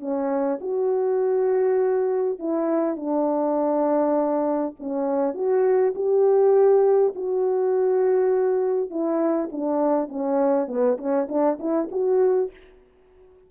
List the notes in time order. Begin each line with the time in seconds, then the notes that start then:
0.00 C#4
0.61 F#4
2.39 E4
2.96 D4
4.80 C#4
5.34 F#4
5.95 G4
7.16 F#4
8.90 E4
9.52 D4
10.09 C#4
10.68 B3
10.98 C#4
11.29 D4
11.59 E4
11.92 F#4